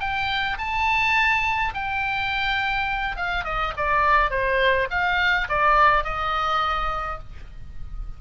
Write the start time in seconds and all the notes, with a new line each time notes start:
0.00 G5
0.58 A5
1.74 G5
3.17 F5
3.45 D#5
3.77 D5
4.30 C5
4.90 F5
5.49 D5
6.04 D#5